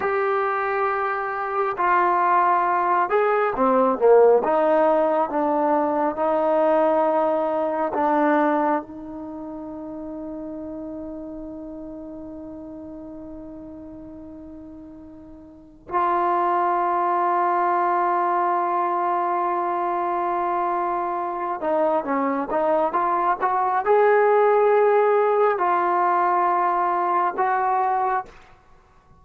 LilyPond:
\new Staff \with { instrumentName = "trombone" } { \time 4/4 \tempo 4 = 68 g'2 f'4. gis'8 | c'8 ais8 dis'4 d'4 dis'4~ | dis'4 d'4 dis'2~ | dis'1~ |
dis'2 f'2~ | f'1~ | f'8 dis'8 cis'8 dis'8 f'8 fis'8 gis'4~ | gis'4 f'2 fis'4 | }